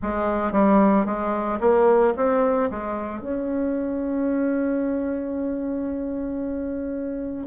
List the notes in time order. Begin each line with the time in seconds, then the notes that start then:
0.02 G#3
0.52 G3
1.05 G#3
1.60 A#3
2.16 C4
2.70 G#3
3.20 C#4